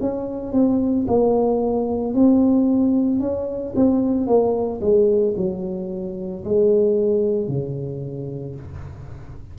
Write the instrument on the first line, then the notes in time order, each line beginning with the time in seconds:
tuba
0.00 C#4
0.52 C4
1.07 A#3
2.14 C4
3.19 C#4
3.75 C4
4.26 A#3
4.80 G#3
5.36 F#3
6.44 G#3
7.48 C#3